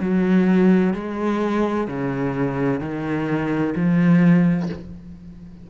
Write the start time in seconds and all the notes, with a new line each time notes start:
0.00 F#3
0.94 G#3
1.88 C#3
2.81 D#3
3.76 F3